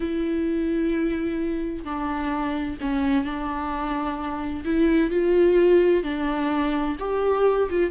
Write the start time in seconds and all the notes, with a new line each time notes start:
0.00 E4
1.84 D4
2.80 C#4
3.24 D4
4.64 E4
5.10 F4
6.03 D4
6.99 G4
7.69 F4